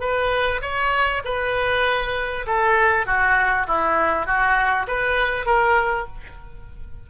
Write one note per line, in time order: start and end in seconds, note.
0.00 0.61 B4
0.61 1.22 C#5
1.25 2.46 B4
2.47 3.06 A4
3.06 3.66 F#4
3.67 4.26 E4
4.26 4.87 F#4
4.87 5.45 B4
5.45 6.06 A#4